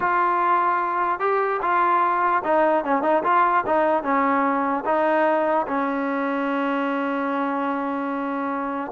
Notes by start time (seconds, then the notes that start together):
0.00 F4
1.19 G4
1.61 F4
2.43 D#4
2.84 C#4
3.02 D#4
3.23 F4
3.66 D#4
4.03 C#4
4.85 D#4
5.67 C#4